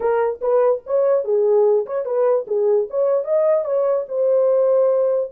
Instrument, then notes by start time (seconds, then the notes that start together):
horn
0.00 A#4
0.41 B4
0.86 C#5
1.24 G#4
1.86 C#5
2.05 B4
2.47 G#4
2.89 C#5
3.24 D#5
3.64 C#5
4.08 C5